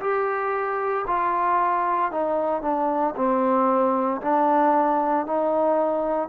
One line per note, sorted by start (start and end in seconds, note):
0.00 1.05 G4
1.07 2.11 F4
2.11 2.62 D#4
2.62 3.15 D4
3.16 4.21 C4
4.22 5.26 D4
5.26 6.29 D#4